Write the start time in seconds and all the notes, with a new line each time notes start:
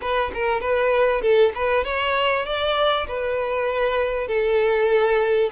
0.01 B4
0.34 A#4
0.61 B4
1.21 A4
1.54 B4
1.84 C#5
2.45 D5
3.07 B4
4.27 A4